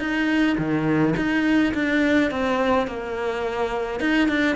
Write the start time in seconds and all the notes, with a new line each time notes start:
0.00 D#4
0.58 D#3
1.17 D#4
1.74 D4
2.31 C4
2.87 A#3
4.00 D#4
4.29 D4